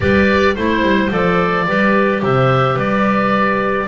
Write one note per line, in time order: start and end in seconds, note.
0.00 0.56 G3
0.00 0.56 G4
0.00 0.54 B4
0.00 0.55 D5
0.54 0.82 A3
0.54 1.10 E4
0.54 1.66 C5
0.54 1.10 C5
0.82 1.10 G3
1.10 1.66 F3
1.10 1.66 A4
1.10 2.23 D5
1.67 2.22 G3
1.67 3.88 G4
1.67 2.22 B4
2.22 2.75 C3
2.22 2.74 C5
2.22 2.79 E5
2.74 3.86 G3
2.74 3.86 B4
2.74 3.88 D5